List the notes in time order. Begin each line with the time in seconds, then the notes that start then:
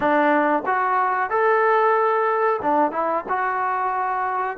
0.00 D4
0.66 F#4
1.30 A4
2.61 D4
2.91 E4
3.28 F#4